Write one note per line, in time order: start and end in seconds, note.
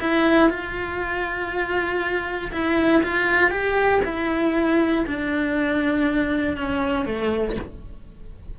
0.00 0.50 E4
0.50 2.51 F4
2.52 3.03 E4
3.03 3.51 F4
3.51 4.01 G4
4.04 5.05 E4
5.06 6.57 D4
6.57 7.05 C#4
7.05 7.56 A3